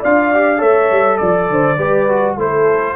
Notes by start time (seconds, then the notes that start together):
0.00 D4 F4 D5 F5
0.34 G4
0.58 A3 A4 C#5 E5
0.91 G3
1.18 F3 D5
1.50 D3 C5
1.78 G3 G4 B4
2.09 F#4
2.37 A3 E4 A4 C5